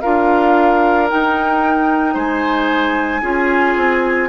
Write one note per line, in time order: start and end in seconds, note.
0.00 1.12 D4
0.00 1.08 F4
0.00 2.14 A#4
0.00 1.07 F5
1.08 3.22 D#4
1.08 2.15 D#4
1.08 2.16 G5
2.14 3.22 G#3
2.14 3.21 C5
2.14 4.29 G#5
3.21 3.75 C#4
3.21 4.29 F4
3.21 4.29 G#4
3.75 4.29 C4